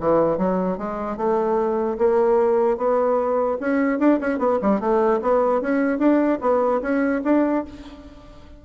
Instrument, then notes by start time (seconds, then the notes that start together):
bassoon
0.00 E3
0.38 F#3
0.78 G#3
1.17 A3
1.99 A#3
2.77 B3
3.60 C#4
3.99 D4
4.21 C#4
4.39 B3
4.62 G3
4.80 A3
5.22 B3
5.61 C#4
5.99 D4
6.41 B3
6.82 C#4
7.24 D4